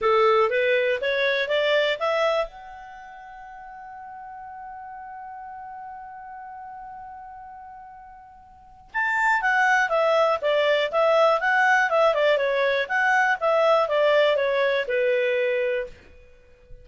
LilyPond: \new Staff \with { instrumentName = "clarinet" } { \time 4/4 \tempo 4 = 121 a'4 b'4 cis''4 d''4 | e''4 fis''2.~ | fis''1~ | fis''1~ |
fis''2 a''4 fis''4 | e''4 d''4 e''4 fis''4 | e''8 d''8 cis''4 fis''4 e''4 | d''4 cis''4 b'2 | }